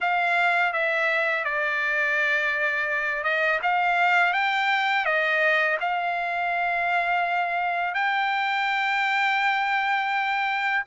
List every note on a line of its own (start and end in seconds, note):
0.00 0.73 F5
0.73 1.44 E5
1.44 3.23 D5
3.23 3.59 D#5
3.62 4.33 F5
4.33 5.05 G5
5.05 5.77 D#5
5.80 7.94 F5
7.94 10.83 G5